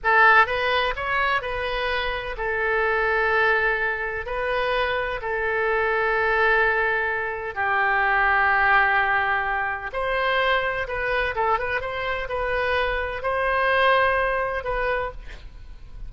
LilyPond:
\new Staff \with { instrumentName = "oboe" } { \time 4/4 \tempo 4 = 127 a'4 b'4 cis''4 b'4~ | b'4 a'2.~ | a'4 b'2 a'4~ | a'1 |
g'1~ | g'4 c''2 b'4 | a'8 b'8 c''4 b'2 | c''2. b'4 | }